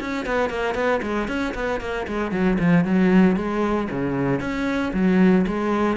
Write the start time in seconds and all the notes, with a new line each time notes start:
0.00 C#4
0.26 B3
0.50 A#3
0.74 B3
1.02 G#3
1.28 C#4
1.54 B3
1.80 A#3
2.07 G#3
2.31 F#3
2.59 F3
2.84 F#3
3.36 G#3
3.90 C#3
4.40 C#4
4.93 F#3
5.47 G#3